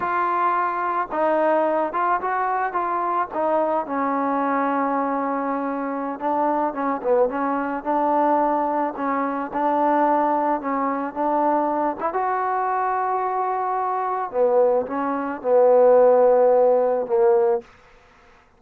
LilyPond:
\new Staff \with { instrumentName = "trombone" } { \time 4/4 \tempo 4 = 109 f'2 dis'4. f'8 | fis'4 f'4 dis'4 cis'4~ | cis'2.~ cis'16 d'8.~ | d'16 cis'8 b8 cis'4 d'4.~ d'16~ |
d'16 cis'4 d'2 cis'8.~ | cis'16 d'4. e'16 fis'2~ | fis'2 b4 cis'4 | b2. ais4 | }